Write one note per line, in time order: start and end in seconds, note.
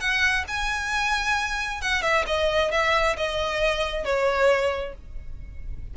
0.00 0.45 F#5
0.48 1.81 G#5
1.81 2.02 F#5
2.02 2.24 E5
2.27 2.71 D#5
2.72 3.16 E5
3.17 4.05 D#5
4.05 4.94 C#5